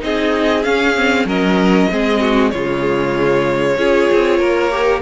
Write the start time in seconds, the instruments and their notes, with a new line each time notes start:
0.00 cello C4, viola D#4, violin G#4 D#5
0.63 viola C#4, cello C#4, violin F5
0.96 viola C4
1.25 cello F#3, viola C#4, violin A#4 D#5
1.91 cello G#3, viola C4, violin G#4
2.21 violin F#4
2.51 cello C#3, viola G#3, violin F4 C#5
3.78 cello C#4, viola F4, violin G#4
4.13 cello C4
4.39 cello A#3, violin A#4
4.71 viola G4